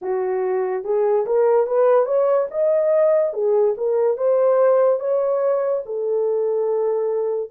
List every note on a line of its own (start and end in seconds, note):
0.02 0.83 F#4
0.83 1.25 G#4
1.25 1.66 A#4
1.66 2.05 B4
2.05 2.47 C#5
2.50 3.33 D#5
3.33 3.75 G#4
3.77 4.17 A#4
4.17 4.99 C5
4.99 5.83 C#5
5.85 7.50 A4